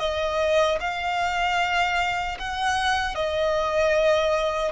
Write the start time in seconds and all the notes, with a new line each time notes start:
0.00 D#5
0.80 F5
2.39 F#5
3.15 D#5